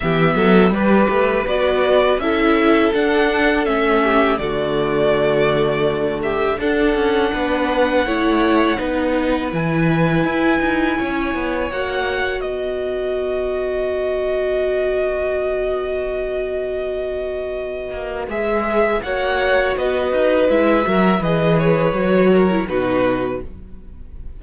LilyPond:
<<
  \new Staff \with { instrumentName = "violin" } { \time 4/4 \tempo 4 = 82 e''4 b'4 d''4 e''4 | fis''4 e''4 d''2~ | d''8 e''8 fis''2.~ | fis''4 gis''2. |
fis''4 dis''2.~ | dis''1~ | dis''4 e''4 fis''4 dis''4 | e''4 dis''8 cis''4. b'4 | }
  \new Staff \with { instrumentName = "violin" } { \time 4/4 g'8 a'8 b'2 a'4~ | a'4. g'8 fis'2~ | fis'8 g'8 a'4 b'4 cis''4 | b'2. cis''4~ |
cis''4 b'2.~ | b'1~ | b'2 cis''4 b'4~ | b'8 ais'8 b'4. ais'8 fis'4 | }
  \new Staff \with { instrumentName = "viola" } { \time 4/4 b4 g'4 fis'4 e'4 | d'4 cis'4 a2~ | a4 d'2 e'4 | dis'4 e'2. |
fis'1~ | fis'1~ | fis'4 gis'4 fis'2 | e'8 fis'8 gis'4 fis'8. e'16 dis'4 | }
  \new Staff \with { instrumentName = "cello" } { \time 4/4 e8 fis8 g8 a8 b4 cis'4 | d'4 a4 d2~ | d4 d'8 cis'8 b4 a4 | b4 e4 e'8 dis'8 cis'8 b8 |
ais4 b2.~ | b1~ | b8 ais8 gis4 ais4 b8 dis'8 | gis8 fis8 e4 fis4 b,4 | }
>>